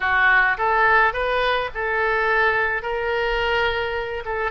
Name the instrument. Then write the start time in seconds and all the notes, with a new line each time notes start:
oboe
0.00 F#4
0.57 A4
1.13 B4
1.74 A4
2.82 A#4
4.25 A4